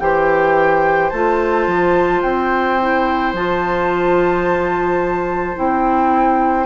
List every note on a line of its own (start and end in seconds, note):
0.00 1.11 E3
0.00 1.12 G4
0.00 6.66 C5
0.00 1.10 G5
1.10 1.67 A3
1.10 2.81 F4
1.10 2.21 A5
1.67 2.23 F3
2.22 3.33 C4
2.22 3.33 G5
2.81 3.36 E4
3.33 5.55 F3
3.33 5.56 F4
3.33 5.57 A5
5.56 6.66 C4
5.56 6.66 E4
5.56 6.66 G5